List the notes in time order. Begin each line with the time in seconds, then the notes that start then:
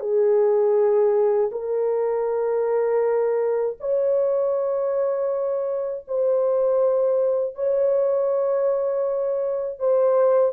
0.00 G#4
1.52 A#4
3.80 C#5
6.07 C5
7.55 C#5
9.79 C5